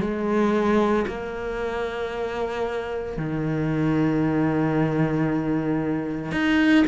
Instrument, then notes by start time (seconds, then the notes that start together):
cello
0.00 G#3
1.07 A#3
3.17 D#3
6.31 D#4